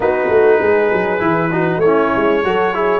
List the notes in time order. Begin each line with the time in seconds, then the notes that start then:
0.00 B3 D#4 F#4 B4
0.29 A3
0.60 G#3 G#4
0.92 F#3
1.19 E3 E4
1.52 D#4 F#4
1.77 A3 E4 C#5
1.85 C#4
2.16 G#3
2.43 F#3 F#4 A4
2.74 E4 G#4